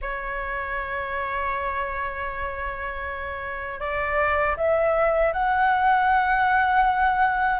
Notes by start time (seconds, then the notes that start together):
0.01 C#5
3.80 D5
4.56 E5
5.32 F#5